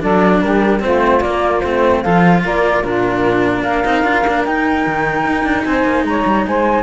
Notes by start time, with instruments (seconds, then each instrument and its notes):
0.00 cello F#3 D4, saxophone A4, flute D5
0.42 cello G3, saxophone G4, flute A#4
0.80 cello A3 C4, saxophone F4, flute C5
1.21 cello A#3, flute D5
1.60 cello A3 C4, flute C5
2.02 cello F3 F4, saxophone A4, flute F5
2.44 cello A#3, saxophone A#4, flute D5
2.83 cello A#2 D4, saxophone F4, flute A#4
3.63 cello A#3, saxophone A#4, flute F5
3.84 cello C4 D#4
4.03 cello D4 F4
4.24 cello A#3 D4
4.45 cello D#4, flute G5
4.86 cello D#3
5.27 cello D#4
5.44 cello D4
5.64 cello C4, saxophone C5, flute G#5
5.85 cello A#3
6.04 cello G#3, saxophone C#5, flute A#5
6.26 cello G3
6.47 cello G#3, saxophone C5, flute G#5